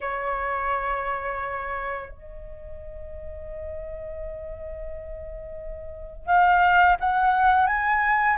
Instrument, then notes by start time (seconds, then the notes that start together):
flute
0.01 C#5
2.10 D#5
6.26 F5
7.00 F#5
7.66 G#5